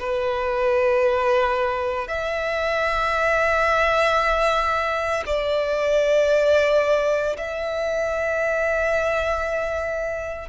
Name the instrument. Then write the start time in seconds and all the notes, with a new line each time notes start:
violin
0.00 B4
2.08 E5
5.26 D5
7.37 E5